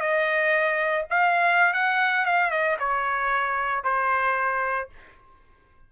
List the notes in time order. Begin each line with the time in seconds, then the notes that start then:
0.00 D#5
1.10 F5
1.73 F#5
2.25 F5
2.50 D#5
2.79 C#5
3.83 C5